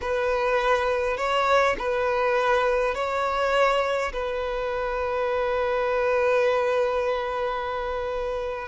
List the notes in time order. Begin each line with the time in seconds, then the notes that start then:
0.01 B4
1.17 C#5
1.78 B4
2.94 C#5
4.13 B4